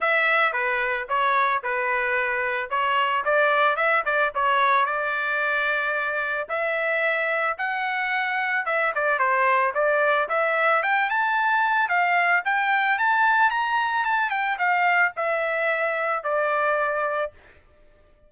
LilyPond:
\new Staff \with { instrumentName = "trumpet" } { \time 4/4 \tempo 4 = 111 e''4 b'4 cis''4 b'4~ | b'4 cis''4 d''4 e''8 d''8 | cis''4 d''2. | e''2 fis''2 |
e''8 d''8 c''4 d''4 e''4 | g''8 a''4. f''4 g''4 | a''4 ais''4 a''8 g''8 f''4 | e''2 d''2 | }